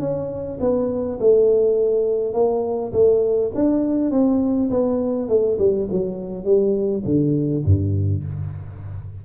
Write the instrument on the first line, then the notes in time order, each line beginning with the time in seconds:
tuba
0.00 C#4
0.60 B3
1.20 A3
2.34 A#3
2.93 A3
3.55 D4
4.11 C4
4.71 B3
5.29 A3
5.59 G3
5.91 F#3
6.45 G3
7.05 D3
7.66 G2